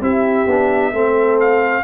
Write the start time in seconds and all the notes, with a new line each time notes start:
0.00 C4 E4 G4 E5
0.46 B3 D4
0.92 A3 C4 A4
1.40 F5